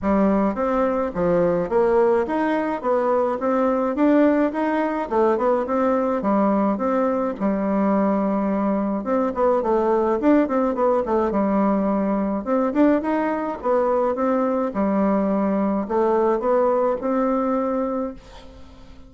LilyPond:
\new Staff \with { instrumentName = "bassoon" } { \time 4/4 \tempo 4 = 106 g4 c'4 f4 ais4 | dis'4 b4 c'4 d'4 | dis'4 a8 b8 c'4 g4 | c'4 g2. |
c'8 b8 a4 d'8 c'8 b8 a8 | g2 c'8 d'8 dis'4 | b4 c'4 g2 | a4 b4 c'2 | }